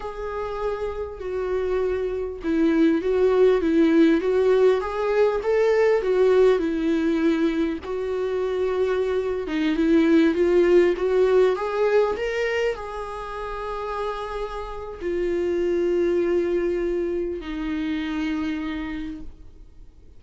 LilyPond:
\new Staff \with { instrumentName = "viola" } { \time 4/4 \tempo 4 = 100 gis'2 fis'2 | e'4 fis'4 e'4 fis'4 | gis'4 a'4 fis'4 e'4~ | e'4 fis'2~ fis'8. dis'16~ |
dis'16 e'4 f'4 fis'4 gis'8.~ | gis'16 ais'4 gis'2~ gis'8.~ | gis'4 f'2.~ | f'4 dis'2. | }